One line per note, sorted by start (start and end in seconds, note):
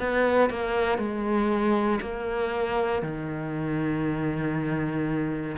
0.00 0.50 B3
0.50 0.98 A#3
0.98 2.00 G#3
2.02 3.03 A#3
3.03 5.57 D#3